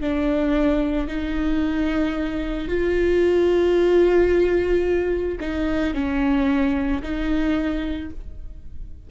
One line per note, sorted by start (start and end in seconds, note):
0.00 1.07 D4
1.07 2.68 D#4
2.68 5.38 F4
5.40 5.94 D#4
5.94 7.02 C#4
7.02 8.10 D#4